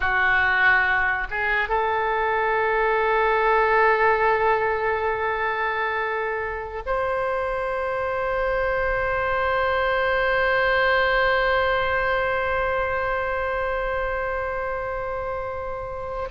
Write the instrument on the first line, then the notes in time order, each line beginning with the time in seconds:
oboe
0.00 F#4
1.30 G#4
1.68 A4
6.86 C5